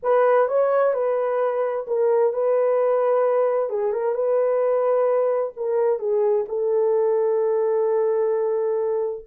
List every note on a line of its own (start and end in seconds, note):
0.02 0.48 B4
0.48 0.93 C#5
0.93 1.86 B4
1.87 2.33 A#4
2.33 3.69 B4
3.69 3.92 G#4
3.92 4.14 A#4
4.14 5.52 B4
5.56 5.99 A#4
5.99 6.45 G#4
6.48 9.25 A4